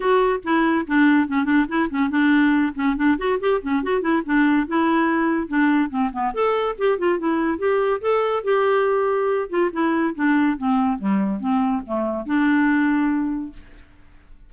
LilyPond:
\new Staff \with { instrumentName = "clarinet" } { \time 4/4 \tempo 4 = 142 fis'4 e'4 d'4 cis'8 d'8 | e'8 cis'8 d'4. cis'8 d'8 fis'8 | g'8 cis'8 fis'8 e'8 d'4 e'4~ | e'4 d'4 c'8 b8 a'4 |
g'8 f'8 e'4 g'4 a'4 | g'2~ g'8 f'8 e'4 | d'4 c'4 g4 c'4 | a4 d'2. | }